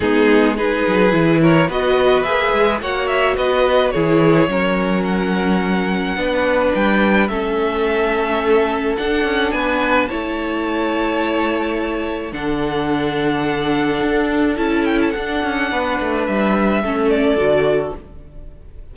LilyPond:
<<
  \new Staff \with { instrumentName = "violin" } { \time 4/4 \tempo 4 = 107 gis'4 b'4. cis''8 dis''4 | e''4 fis''8 e''8 dis''4 cis''4~ | cis''4 fis''2. | g''4 e''2. |
fis''4 gis''4 a''2~ | a''2 fis''2~ | fis''2 a''8 g''16 a''16 fis''4~ | fis''4 e''4. d''4. | }
  \new Staff \with { instrumentName = "violin" } { \time 4/4 dis'4 gis'4. ais'8 b'4~ | b'4 cis''4 b'4 gis'4 | ais'2. b'4~ | b'4 a'2.~ |
a'4 b'4 cis''2~ | cis''2 a'2~ | a'1 | b'2 a'2 | }
  \new Staff \with { instrumentName = "viola" } { \time 4/4 b4 dis'4 e'4 fis'4 | gis'4 fis'2 e'4 | cis'2. d'4~ | d'4 cis'2. |
d'2 e'2~ | e'2 d'2~ | d'2 e'4 d'4~ | d'2 cis'4 fis'4 | }
  \new Staff \with { instrumentName = "cello" } { \time 4/4 gis4. fis8 e4 b4 | ais8 gis8 ais4 b4 e4 | fis2. b4 | g4 a2. |
d'8 cis'8 b4 a2~ | a2 d2~ | d4 d'4 cis'4 d'8 cis'8 | b8 a8 g4 a4 d4 | }
>>